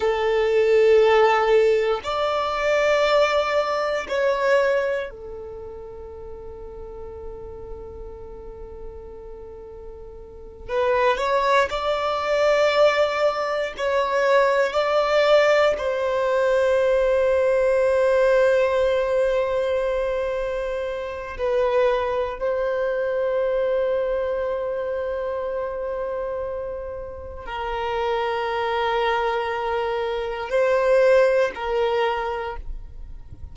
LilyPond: \new Staff \with { instrumentName = "violin" } { \time 4/4 \tempo 4 = 59 a'2 d''2 | cis''4 a'2.~ | a'2~ a'8 b'8 cis''8 d''8~ | d''4. cis''4 d''4 c''8~ |
c''1~ | c''4 b'4 c''2~ | c''2. ais'4~ | ais'2 c''4 ais'4 | }